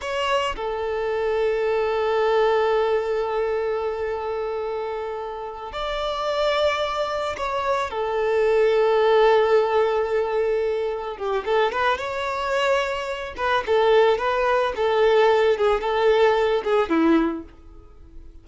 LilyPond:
\new Staff \with { instrumentName = "violin" } { \time 4/4 \tempo 4 = 110 cis''4 a'2.~ | a'1~ | a'2~ a'8 d''4.~ | d''4. cis''4 a'4.~ |
a'1~ | a'8 g'8 a'8 b'8 cis''2~ | cis''8 b'8 a'4 b'4 a'4~ | a'8 gis'8 a'4. gis'8 e'4 | }